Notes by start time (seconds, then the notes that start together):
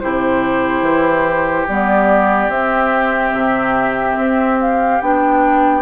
0.00 C3 E4 G4 C5
0.81 E3
1.68 G3 B3 D5
2.49 C4 E5
3.34 C3
4.17 C4
4.60 F5
5.01 B3 D4 G5